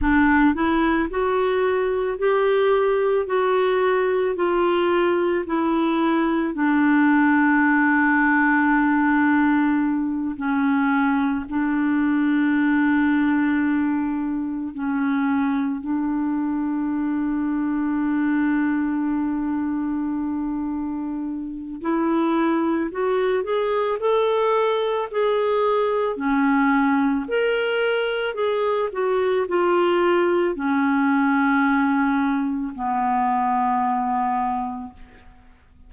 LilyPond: \new Staff \with { instrumentName = "clarinet" } { \time 4/4 \tempo 4 = 55 d'8 e'8 fis'4 g'4 fis'4 | f'4 e'4 d'2~ | d'4. cis'4 d'4.~ | d'4. cis'4 d'4.~ |
d'1 | e'4 fis'8 gis'8 a'4 gis'4 | cis'4 ais'4 gis'8 fis'8 f'4 | cis'2 b2 | }